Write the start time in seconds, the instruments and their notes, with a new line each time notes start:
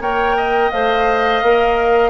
0.00 bassoon A#3, clarinet A#4, oboe C#5, flute G5
0.37 oboe D#5
0.71 bassoon A3, clarinet C5, flute F5
1.42 bassoon A#3, clarinet A#4